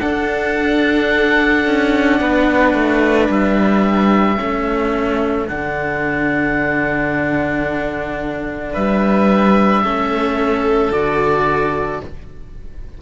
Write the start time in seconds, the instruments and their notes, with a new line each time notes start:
0.00 cello D4, violin A4, oboe F#5
1.66 cello C#4
2.21 cello B3, violin B4
2.74 cello A3
3.29 cello G3, oboe E5
4.37 cello A3 C#4, violin A4
5.48 cello D3 D4, oboe F#5
8.74 cello G3, violin B4, oboe E5
9.84 cello A3 C#4, violin A4
10.91 cello D3 F#4, oboe D5